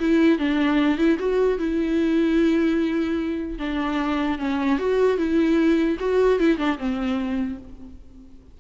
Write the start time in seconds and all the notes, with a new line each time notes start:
0.00 E4
0.39 D4
0.98 E4
1.19 F#4
1.59 E4
3.59 D4
4.39 C#4
4.79 F#4
5.17 E4
6.00 F#4
6.40 E4
6.58 D4
6.79 C4